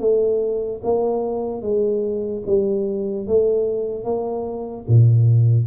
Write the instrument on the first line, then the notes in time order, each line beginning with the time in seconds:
tuba
0.00 A3
0.83 A#3
1.62 G#3
2.47 G3
3.27 A3
4.04 A#3
4.88 A#2